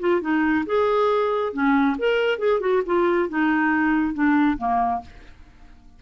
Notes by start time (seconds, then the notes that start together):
0.00 F4
0.21 D#4
0.66 G#4
1.53 C#4
1.98 A#4
2.39 G#4
2.61 F#4
2.86 F4
3.29 D#4
4.14 D4
4.58 A#3